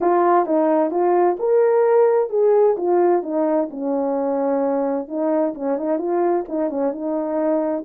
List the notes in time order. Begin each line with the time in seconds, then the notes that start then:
0.00 F4
0.45 D#4
0.90 F4
1.39 A#4
2.29 G#4
2.77 F4
3.22 D#4
3.70 C#4
5.07 D#4
5.54 C#4
5.77 D#4
5.98 F4
6.48 D#4
6.69 C#4
6.91 D#4